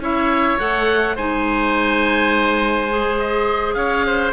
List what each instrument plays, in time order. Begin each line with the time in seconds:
0.00 cello C#4, clarinet E4, oboe C#5 E5
0.59 cello A3, clarinet A4, oboe F#5
1.16 cello G#3, clarinet D#4, oboe C5 G#5
2.89 clarinet G#4
3.19 oboe D#5
3.75 cello C#4, oboe C#5 F5
4.06 oboe C5